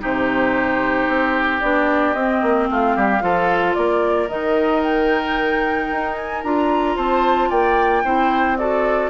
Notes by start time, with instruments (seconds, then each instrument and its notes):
0.00 bassoon C3, clarinet D#4, oboe G4, flute C5
1.08 bassoon C4
1.61 bassoon B3, clarinet D4, flute D5
2.14 bassoon C4, clarinet C4, flute D#5
2.43 bassoon A#3
2.71 bassoon A3, oboe F4, flute F5
2.96 bassoon G3, oboe G4
3.21 bassoon F3, clarinet F4, oboe A4
3.75 bassoon A#3, oboe A#4, flute D5
4.29 bassoon D#3, clarinet D#4, flute D#5
4.83 flute G5
5.92 bassoon D#4
6.16 flute G#5
6.43 bassoon D4, clarinet F4, flute A#5
6.96 bassoon C4, oboe C5, flute A5
7.50 bassoon A#3, oboe D5, flute G5
8.05 bassoon C4, clarinet E4, oboe C5
8.58 clarinet F#4, oboe A4, flute D5